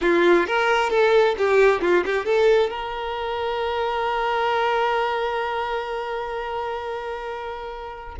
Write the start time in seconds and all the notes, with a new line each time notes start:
0.01 F4
0.46 A#4
0.90 A4
1.38 G4
1.81 F4
2.05 G4
2.25 A4
2.70 A#4